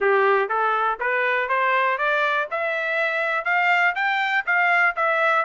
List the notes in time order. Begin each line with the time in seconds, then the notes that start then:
0.00 G4
0.48 A4
0.99 B4
1.48 C5
1.98 D5
2.50 E5
3.44 F5
3.95 G5
4.46 F5
4.96 E5